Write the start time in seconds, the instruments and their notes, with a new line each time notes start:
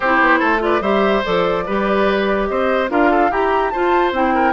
0.00 bassoon C4, clarinet E4, oboe G4, flute C5
0.20 bassoon B3
0.39 bassoon A3, oboe A4
0.59 clarinet F4, oboe B4, flute D5
0.80 bassoon G3, clarinet G4, oboe C5, flute E5
1.24 bassoon F3, clarinet A4, flute D5
1.66 bassoon G3, clarinet G4, oboe B4
2.46 bassoon C4, oboe C5, flute D#5
2.88 bassoon D4, clarinet F4, oboe A#4, flute F5
3.11 oboe A4
3.30 bassoon E4, oboe G4, clarinet G4, flute A#5
3.70 clarinet F4, bassoon F4, oboe C5, flute A5
4.12 bassoon C4, clarinet E4, flute G5
4.34 oboe A#4